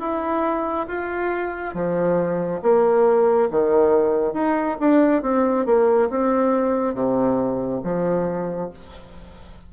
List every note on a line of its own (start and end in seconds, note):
0.00 0.87 E4
0.88 1.75 F4
1.75 2.62 F3
2.62 3.49 A#3
3.51 4.34 D#3
4.34 4.77 D#4
4.80 5.23 D4
5.23 5.66 C4
5.66 6.09 A#3
6.10 6.94 C4
6.94 7.81 C3
7.84 8.71 F3